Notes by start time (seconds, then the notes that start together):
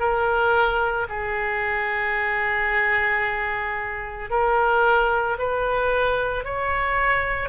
0.00 A#4
1.09 G#4
4.30 A#4
5.39 B4
6.44 C#5